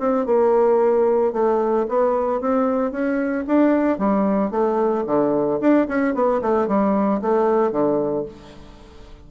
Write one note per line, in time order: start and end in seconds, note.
0.00 0.26 C4
0.26 1.33 A#3
1.33 1.87 A3
1.89 2.41 B3
2.41 2.92 C4
2.92 3.45 C#4
3.47 3.98 D4
3.98 4.51 G3
4.51 5.05 A3
5.06 5.60 D3
5.61 5.88 D4
5.88 6.15 C#4
6.15 6.41 B3
6.42 6.68 A3
6.68 7.22 G3
7.22 7.72 A3
7.72 8.25 D3